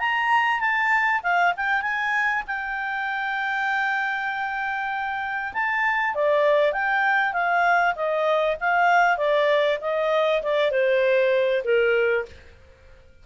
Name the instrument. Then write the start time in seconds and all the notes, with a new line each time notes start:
clarinet
0.00 A#5
0.60 A5
1.24 F5
1.57 G5
1.82 G#5
2.47 G5
5.54 A5
6.15 D5
6.73 G5
7.34 F5
7.96 D#5
8.60 F5
9.18 D5
9.82 D#5
10.43 D5
10.71 C5
11.65 A#4